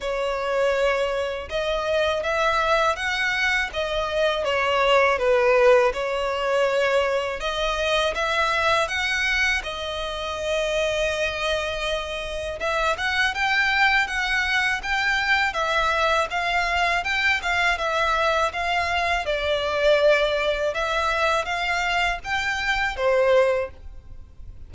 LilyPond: \new Staff \with { instrumentName = "violin" } { \time 4/4 \tempo 4 = 81 cis''2 dis''4 e''4 | fis''4 dis''4 cis''4 b'4 | cis''2 dis''4 e''4 | fis''4 dis''2.~ |
dis''4 e''8 fis''8 g''4 fis''4 | g''4 e''4 f''4 g''8 f''8 | e''4 f''4 d''2 | e''4 f''4 g''4 c''4 | }